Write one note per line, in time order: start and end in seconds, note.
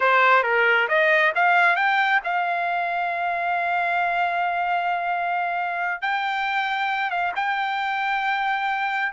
0.00 0.43 C5
0.43 0.87 A#4
0.88 1.32 D#5
1.35 1.76 F5
1.76 2.20 G5
2.24 6.01 F5
6.01 7.10 G5
7.10 7.32 F5
7.35 9.12 G5